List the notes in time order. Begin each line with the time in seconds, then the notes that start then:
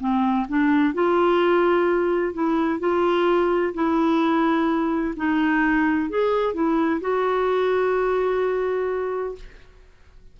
0.00 C4
0.48 D4
0.94 F4
2.34 E4
2.80 F4
3.74 E4
5.16 D#4
6.10 G#4
6.54 E4
7.01 F#4